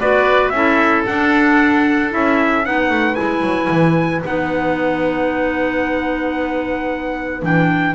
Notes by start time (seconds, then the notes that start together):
0.00 B3 F#4 B4 D5
0.49 C#4 E4 E5
0.56 A4
1.06 D4 F#5
2.10 C#4 E4 E5
2.64 B3 D#4 B4 F#5
2.90 A3
3.15 G#3 E4 G#5
3.42 F#3
3.70 E3
4.25 B3 D#4 F#5
7.42 E3 D4 G5